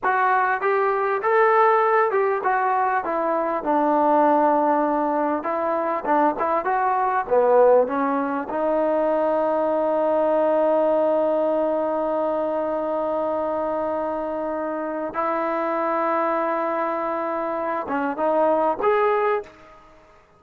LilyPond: \new Staff \with { instrumentName = "trombone" } { \time 4/4 \tempo 4 = 99 fis'4 g'4 a'4. g'8 | fis'4 e'4 d'2~ | d'4 e'4 d'8 e'8 fis'4 | b4 cis'4 dis'2~ |
dis'1~ | dis'1~ | dis'4 e'2.~ | e'4. cis'8 dis'4 gis'4 | }